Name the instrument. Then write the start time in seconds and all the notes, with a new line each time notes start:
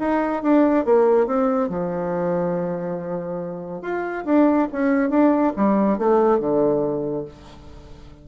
bassoon
0.00 D#4
0.43 D4
0.86 A#3
1.27 C4
1.69 F3
3.82 F4
4.25 D4
4.72 C#4
5.10 D4
5.56 G3
5.98 A3
6.40 D3